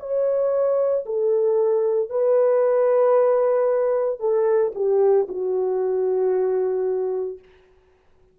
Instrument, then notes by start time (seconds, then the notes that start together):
horn
0.00 C#5
1.06 A4
2.10 B4
4.20 A4
4.75 G4
5.29 F#4